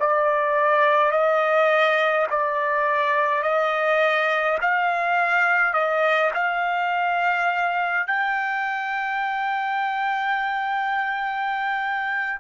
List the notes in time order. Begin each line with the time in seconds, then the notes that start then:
0.00 D5
1.11 D#5
2.30 D5
3.43 D#5
4.62 F5
5.73 D#5
6.35 F5
8.07 G5